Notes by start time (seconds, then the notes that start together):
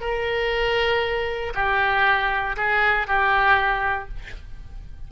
0.00 A#4
1.54 G4
2.56 G#4
3.07 G4